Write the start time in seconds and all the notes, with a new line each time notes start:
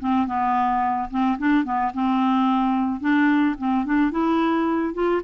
0.00 C4
0.27 B3
1.10 C4
1.38 D4
1.64 B3
1.94 C4
3.00 D4
3.58 C4
3.85 D4
4.11 E4
4.94 F4